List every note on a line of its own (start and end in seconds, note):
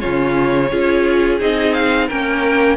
0.00 0.73 C#3
0.00 0.71 C#4
0.00 0.70 F4
0.00 1.38 C#5
0.71 1.42 C#4
0.71 1.40 F4
0.71 2.08 G#4
1.40 2.10 C4
1.40 2.09 D#4
1.40 1.74 D#5
1.74 2.08 F5
2.08 2.77 A#3
2.08 2.77 C#4
2.08 2.77 A#4
2.08 2.77 G5